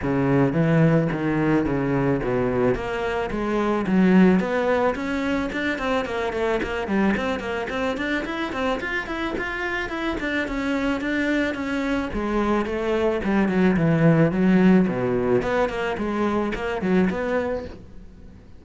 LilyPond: \new Staff \with { instrumentName = "cello" } { \time 4/4 \tempo 4 = 109 cis4 e4 dis4 cis4 | b,4 ais4 gis4 fis4 | b4 cis'4 d'8 c'8 ais8 a8 | ais8 g8 c'8 ais8 c'8 d'8 e'8 c'8 |
f'8 e'8 f'4 e'8 d'8 cis'4 | d'4 cis'4 gis4 a4 | g8 fis8 e4 fis4 b,4 | b8 ais8 gis4 ais8 fis8 b4 | }